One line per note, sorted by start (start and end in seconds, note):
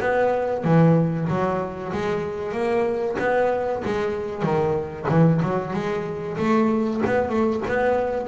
0.00 0.64 B3
0.64 1.28 E3
1.28 1.92 F#3
1.92 2.52 G#3
2.52 3.16 A#3
3.19 3.82 B3
3.84 4.42 G#3
4.42 5.06 D#3
5.09 5.41 E3
5.42 5.73 F#3
5.73 6.37 G#3
6.37 7.01 A3
7.06 7.29 B3
7.29 7.61 A3
7.68 8.27 B3